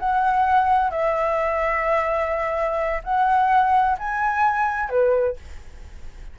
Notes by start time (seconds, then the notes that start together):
0.00 F#5
0.91 E5
3.04 F#5
3.99 G#5
4.90 B4